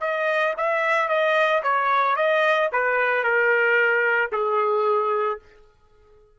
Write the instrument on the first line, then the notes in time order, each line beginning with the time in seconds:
trumpet
0.00 D#5
0.57 E5
1.08 D#5
1.63 C#5
2.16 D#5
2.72 B4
3.23 A#4
4.31 G#4